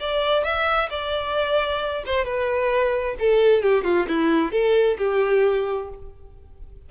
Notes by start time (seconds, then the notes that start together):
0.00 D5
0.44 E5
0.90 D5
2.06 C5
2.25 B4
3.19 A4
3.62 G4
3.84 F4
4.08 E4
4.52 A4
4.98 G4